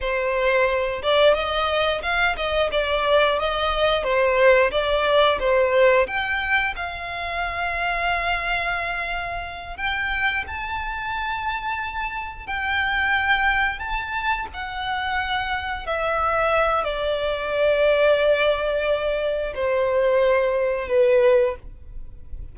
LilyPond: \new Staff \with { instrumentName = "violin" } { \time 4/4 \tempo 4 = 89 c''4. d''8 dis''4 f''8 dis''8 | d''4 dis''4 c''4 d''4 | c''4 g''4 f''2~ | f''2~ f''8 g''4 a''8~ |
a''2~ a''8 g''4.~ | g''8 a''4 fis''2 e''8~ | e''4 d''2.~ | d''4 c''2 b'4 | }